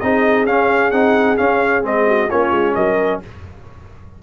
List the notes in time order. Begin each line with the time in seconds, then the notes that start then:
0.00 C4 D#4 G#4 D#5
0.46 C#4 F5
0.91 C4 D#4 F#5
1.37 C#4 F5
1.83 G#3 C4 D#5
2.07 F#4
2.29 A#3 C#4 F4 C#5
2.51 G#3
2.75 F#3 A#4 D#5